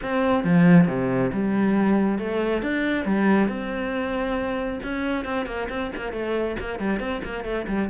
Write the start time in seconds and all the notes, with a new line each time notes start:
0.02 C4
0.44 F3
0.87 C3
1.32 G3
2.18 A3
2.62 D4
3.05 G3
3.48 C4
4.83 C#4
5.24 C4
5.46 A#3
5.69 C4
5.96 A#3
6.12 A3
6.59 A#3
6.79 G3
6.99 C4
7.24 A#3
7.44 A3
7.67 G3